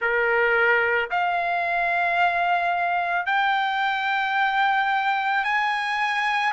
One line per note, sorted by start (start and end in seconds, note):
0.00 1.10 A#4
1.10 3.25 F5
3.25 5.43 G5
5.43 6.53 G#5